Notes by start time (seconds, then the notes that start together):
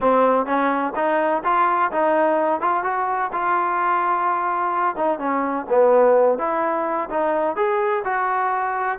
0.00 C4
0.46 C#4
0.95 D#4
1.43 F4
1.91 D#4
2.60 F4
2.83 F#4
3.32 F4
4.96 D#4
5.18 C#4
5.69 B3
6.38 E4
7.10 D#4
7.56 G#4
8.04 F#4